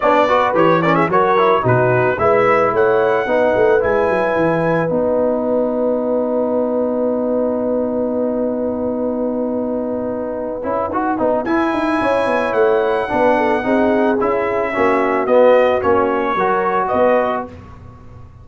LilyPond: <<
  \new Staff \with { instrumentName = "trumpet" } { \time 4/4 \tempo 4 = 110 d''4 cis''8 d''16 e''16 cis''4 b'4 | e''4 fis''2 gis''4~ | gis''4 fis''2.~ | fis''1~ |
fis''1~ | fis''4 gis''2 fis''4~ | fis''2 e''2 | dis''4 cis''2 dis''4 | }
  \new Staff \with { instrumentName = "horn" } { \time 4/4 cis''8 b'4 ais'16 gis'16 ais'4 fis'4 | b'4 cis''4 b'2~ | b'1~ | b'1~ |
b'1~ | b'2 cis''2 | b'8 a'8 gis'2 fis'4~ | fis'2 ais'4 b'4 | }
  \new Staff \with { instrumentName = "trombone" } { \time 4/4 d'8 fis'8 g'8 cis'8 fis'8 e'8 dis'4 | e'2 dis'4 e'4~ | e'4 dis'2.~ | dis'1~ |
dis'2.~ dis'8 e'8 | fis'8 dis'8 e'2. | d'4 dis'4 e'4 cis'4 | b4 cis'4 fis'2 | }
  \new Staff \with { instrumentName = "tuba" } { \time 4/4 b4 e4 fis4 b,4 | gis4 a4 b8 a8 gis8 fis8 | e4 b2.~ | b1~ |
b2.~ b8 cis'8 | dis'8 b8 e'8 dis'8 cis'8 b8 a4 | b4 c'4 cis'4 ais4 | b4 ais4 fis4 b4 | }
>>